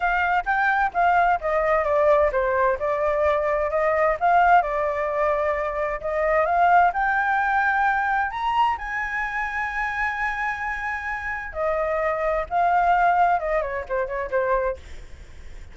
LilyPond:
\new Staff \with { instrumentName = "flute" } { \time 4/4 \tempo 4 = 130 f''4 g''4 f''4 dis''4 | d''4 c''4 d''2 | dis''4 f''4 d''2~ | d''4 dis''4 f''4 g''4~ |
g''2 ais''4 gis''4~ | gis''1~ | gis''4 dis''2 f''4~ | f''4 dis''8 cis''8 c''8 cis''8 c''4 | }